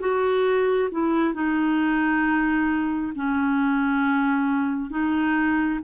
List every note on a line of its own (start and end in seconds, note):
0.00 0.90 F#4
0.92 1.34 E4
1.34 3.13 D#4
3.15 4.91 C#4
4.91 5.80 D#4